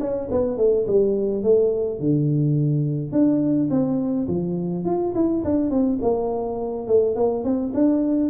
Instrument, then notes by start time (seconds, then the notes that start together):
tuba
0.00 C#4
0.31 B3
0.57 A3
0.88 G3
1.43 A3
2.00 D3
3.12 D4
3.70 C4
4.28 F3
4.85 F4
5.15 E4
5.44 D4
5.70 C4
6.02 A#3
6.88 A3
7.16 A#3
7.44 C4
7.74 D4